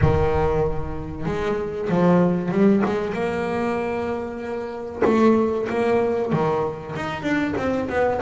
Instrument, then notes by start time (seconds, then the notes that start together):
double bass
0.01 D#3
1.25 G#3
1.89 F3
2.51 G3
2.85 G#3
3.13 A#3
5.04 A3
5.69 A#3
6.32 D#3
6.95 D#4
7.22 D4
7.57 C4
7.89 B3